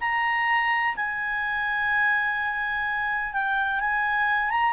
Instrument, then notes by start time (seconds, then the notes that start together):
clarinet
0.00 A#5
0.96 G#5
3.33 G5
3.80 G#5
4.50 A#5